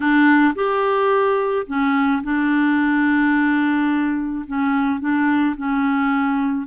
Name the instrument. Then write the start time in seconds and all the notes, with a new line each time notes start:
clarinet
0.00 D4
0.55 G4
1.67 C#4
2.23 D4
4.46 C#4
5.00 D4
5.56 C#4